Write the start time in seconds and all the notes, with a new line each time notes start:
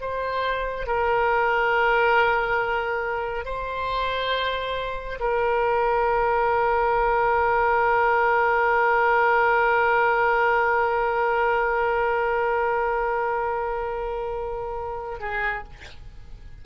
0.00 C5
0.86 A#4
3.45 C5
5.19 A#4
15.19 G#4